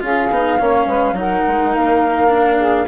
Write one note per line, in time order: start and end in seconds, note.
0.00 0.30 C#4
0.00 0.29 F4
0.00 0.59 G#4
0.00 1.18 F5
0.30 0.59 B3
0.30 0.60 D#4
0.59 0.86 A#3
0.59 1.15 C#4
0.59 0.87 C#5
0.86 1.12 G#3
0.86 1.15 B4
1.12 1.41 F#3
1.12 2.28 D#4
1.12 1.75 F#5
1.20 2.58 A#4
1.47 1.75 G#3
1.75 2.87 A#3
1.75 2.87 F5
2.28 2.85 D4
2.58 2.86 G#4